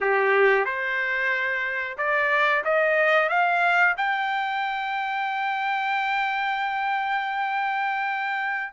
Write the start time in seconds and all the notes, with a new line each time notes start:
0.01 G4
0.65 C5
1.97 D5
2.64 D#5
3.29 F5
3.97 G5